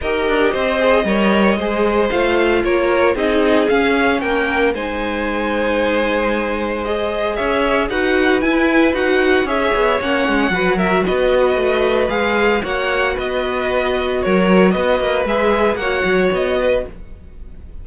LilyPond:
<<
  \new Staff \with { instrumentName = "violin" } { \time 4/4 \tempo 4 = 114 dis''1 | f''4 cis''4 dis''4 f''4 | g''4 gis''2.~ | gis''4 dis''4 e''4 fis''4 |
gis''4 fis''4 e''4 fis''4~ | fis''8 e''8 dis''2 f''4 | fis''4 dis''2 cis''4 | dis''4 e''4 fis''4 dis''4 | }
  \new Staff \with { instrumentName = "violin" } { \time 4/4 ais'4 c''4 cis''4 c''4~ | c''4 ais'4 gis'2 | ais'4 c''2.~ | c''2 cis''4 b'4~ |
b'2 cis''2 | b'8 ais'8 b'2. | cis''4 b'2 ais'4 | b'2 cis''4. b'8 | }
  \new Staff \with { instrumentName = "viola" } { \time 4/4 g'4. gis'8 ais'4 gis'4 | f'2 dis'4 cis'4~ | cis'4 dis'2.~ | dis'4 gis'2 fis'4 |
e'4 fis'4 gis'4 cis'4 | fis'2. gis'4 | fis'1~ | fis'4 gis'4 fis'2 | }
  \new Staff \with { instrumentName = "cello" } { \time 4/4 dis'8 d'8 c'4 g4 gis4 | a4 ais4 c'4 cis'4 | ais4 gis2.~ | gis2 cis'4 dis'4 |
e'4 dis'4 cis'8 b8 ais8 gis8 | fis4 b4 a4 gis4 | ais4 b2 fis4 | b8 ais8 gis4 ais8 fis8 b4 | }
>>